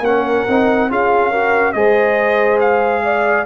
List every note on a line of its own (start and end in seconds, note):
0.00 0.43 A#3
0.00 0.48 C#4
0.00 0.90 F#5
0.07 0.90 A#4
0.48 0.90 C4
0.48 0.90 D#4
0.90 1.75 C#4
0.90 1.32 F4
0.90 1.30 G#4
0.90 1.72 F5
1.30 1.75 F#4
1.30 1.73 A#4
1.72 3.46 G#3
1.72 3.46 G#4
1.72 3.04 C5
1.72 2.58 D#5
2.60 3.46 F5
3.04 3.46 D5